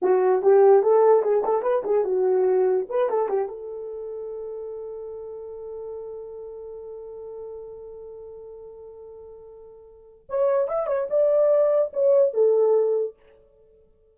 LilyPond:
\new Staff \with { instrumentName = "horn" } { \time 4/4 \tempo 4 = 146 fis'4 g'4 a'4 gis'8 a'8 | b'8 gis'8 fis'2 b'8 a'8 | g'8 a'2.~ a'8~ | a'1~ |
a'1~ | a'1~ | a'4 cis''4 e''8 cis''8 d''4~ | d''4 cis''4 a'2 | }